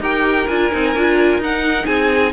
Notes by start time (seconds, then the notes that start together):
0.00 D#4 G4 A#4 G5
0.47 D4 F4 G#5
0.72 C4 D#4
0.95 D4 F4
1.38 D#4 F#5
1.86 C4 G#4 G#5